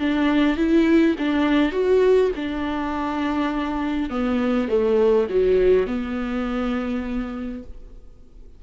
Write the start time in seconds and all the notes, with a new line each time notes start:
0.00 D4
0.57 E4
1.19 D4
1.72 F#4
2.36 D4
4.10 B3
4.69 A3
5.30 F#3
5.87 B3